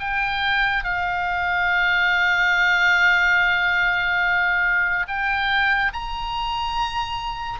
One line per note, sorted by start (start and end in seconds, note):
0.00 0.84 G5
0.84 5.06 F5
5.08 5.92 G5
5.93 7.59 A#5